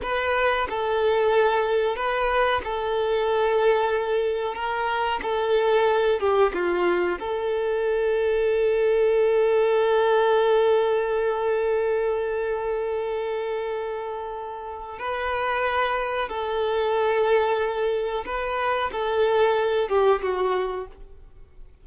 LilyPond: \new Staff \with { instrumentName = "violin" } { \time 4/4 \tempo 4 = 92 b'4 a'2 b'4 | a'2. ais'4 | a'4. g'8 f'4 a'4~ | a'1~ |
a'1~ | a'2. b'4~ | b'4 a'2. | b'4 a'4. g'8 fis'4 | }